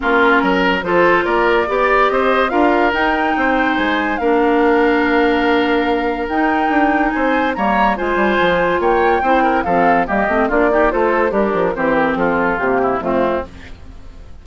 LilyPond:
<<
  \new Staff \with { instrumentName = "flute" } { \time 4/4 \tempo 4 = 143 ais'2 c''4 d''4~ | d''4 dis''4 f''4 g''4~ | g''4 gis''4 f''2~ | f''2. g''4~ |
g''4 gis''4 ais''4 gis''4~ | gis''4 g''2 f''4 | dis''4 d''4 c''4 ais'4 | c''8 ais'8 a'4 g'4 f'4 | }
  \new Staff \with { instrumentName = "oboe" } { \time 4/4 f'4 ais'4 a'4 ais'4 | d''4 c''4 ais'2 | c''2 ais'2~ | ais'1~ |
ais'4 c''4 cis''4 c''4~ | c''4 cis''4 c''8 ais'8 a'4 | g'4 f'8 g'8 a'4 d'4 | g'4 f'4. e'8 c'4 | }
  \new Staff \with { instrumentName = "clarinet" } { \time 4/4 cis'2 f'2 | g'2 f'4 dis'4~ | dis'2 d'2~ | d'2. dis'4~ |
dis'2 ais4 f'4~ | f'2 e'4 c'4 | ais8 c'8 d'8 dis'8 f'4 g'4 | c'2 ais4 a4 | }
  \new Staff \with { instrumentName = "bassoon" } { \time 4/4 ais4 fis4 f4 ais4 | b4 c'4 d'4 dis'4 | c'4 gis4 ais2~ | ais2. dis'4 |
d'4 c'4 g4 gis8 g8 | f4 ais4 c'4 f4 | g8 a8 ais4 a4 g8 f8 | e4 f4 c4 f,4 | }
>>